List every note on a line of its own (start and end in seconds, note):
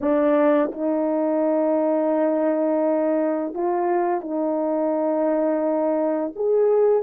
0.00 0.71 D4
0.72 3.54 D#4
3.54 4.20 F4
4.20 6.32 D#4
6.35 7.03 G#4